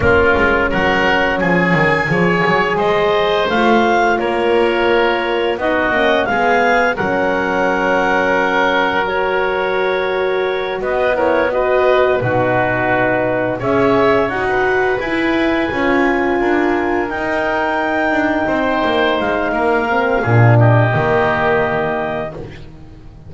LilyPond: <<
  \new Staff \with { instrumentName = "clarinet" } { \time 4/4 \tempo 4 = 86 ais'4 fis''4 gis''2 | dis''4 f''4 cis''2 | dis''4 f''4 fis''2~ | fis''4 cis''2~ cis''8 dis''8 |
cis''8 dis''4 b'2 e''8~ | e''8 fis''4 gis''2~ gis''8~ | gis''8 g''2. f''8~ | f''4. dis''2~ dis''8 | }
  \new Staff \with { instrumentName = "oboe" } { \time 4/4 f'4 ais'4 gis'4 cis''4 | c''2 ais'2 | fis'4 gis'4 ais'2~ | ais'2.~ ais'8 b'8 |
ais'8 b'4 fis'2 cis''8~ | cis''8. b'2~ b'8. ais'8~ | ais'2~ ais'8 c''4. | ais'4 gis'8 g'2~ g'8 | }
  \new Staff \with { instrumentName = "horn" } { \time 4/4 cis'2. gis'4~ | gis'4 f'2. | dis'8 cis'8 b4 cis'2~ | cis'4 fis'2. |
e'8 fis'4 dis'2 gis'8~ | gis'8 fis'4 e'4 f'4.~ | f'8 dis'2.~ dis'8~ | dis'8 c'8 d'4 ais2 | }
  \new Staff \with { instrumentName = "double bass" } { \time 4/4 ais8 gis8 fis4 f8 dis8 f8 fis8 | gis4 a4 ais2 | b8 ais8 gis4 fis2~ | fis2.~ fis8 b8~ |
b4. b,2 cis'8~ | cis'8 dis'4 e'4 cis'4 d'8~ | d'8 dis'4. d'8 c'8 ais8 gis8 | ais4 ais,4 dis2 | }
>>